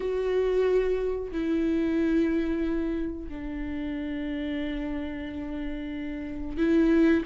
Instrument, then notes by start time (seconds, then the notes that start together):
viola
0.00 F#4
1.31 E4
3.28 D4
6.57 E4